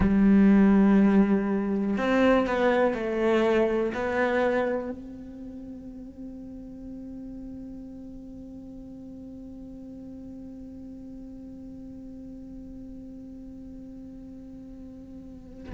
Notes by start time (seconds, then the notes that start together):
0.00 G3
1.97 C4
2.46 B3
2.94 A3
3.93 B3
4.91 C4